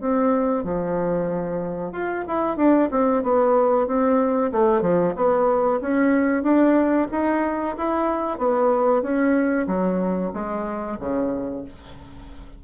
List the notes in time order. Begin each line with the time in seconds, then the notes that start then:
0.00 C4
0.64 F3
1.92 F4
2.28 E4
2.57 D4
2.91 C4
3.23 B3
3.87 C4
4.52 A3
4.82 F3
5.16 B3
5.81 C#4
6.43 D4
7.11 D#4
7.77 E4
8.38 B3
9.02 C#4
9.67 F#3
10.33 G#3
10.99 C#3